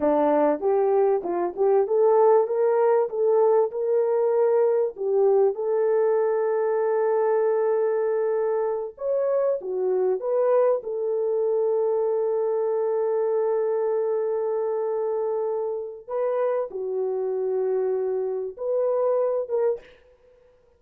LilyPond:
\new Staff \with { instrumentName = "horn" } { \time 4/4 \tempo 4 = 97 d'4 g'4 f'8 g'8 a'4 | ais'4 a'4 ais'2 | g'4 a'2.~ | a'2~ a'8 cis''4 fis'8~ |
fis'8 b'4 a'2~ a'8~ | a'1~ | a'2 b'4 fis'4~ | fis'2 b'4. ais'8 | }